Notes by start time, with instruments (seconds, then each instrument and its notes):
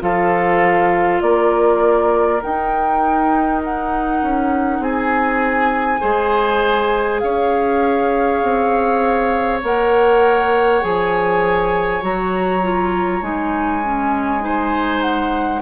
0.00 bassoon F3, clarinet F4, oboe A4, flute F5
1.22 bassoon A#3, oboe A#4, flute D5
2.42 clarinet D#4, bassoon D#4, flute G5
3.65 flute F#5
4.22 bassoon C#4
4.79 bassoon C4, oboe G#4, flute G#5
6.00 bassoon G#3, clarinet G#4, oboe C5
7.20 bassoon C#4, oboe C#5, flute F5
8.43 bassoon C4
9.63 bassoon A#3, clarinet A#4, flute F#5
10.82 bassoon F3, clarinet G#4, flute G#5
12.02 bassoon F#3, clarinet F#4, flute A#5
12.62 clarinet F4
13.22 bassoon G#3, clarinet D#4, flute G#5
13.84 clarinet C#4
14.40 clarinet D#4, oboe C5
15.02 flute F#5